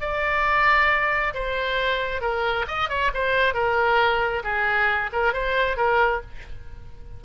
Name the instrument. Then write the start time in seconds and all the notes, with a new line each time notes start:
oboe
0.00 D5
1.34 C5
2.21 A#4
2.67 D#5
2.89 C#5
3.14 C5
3.54 A#4
4.43 G#4
5.12 A#4
5.33 C5
5.77 A#4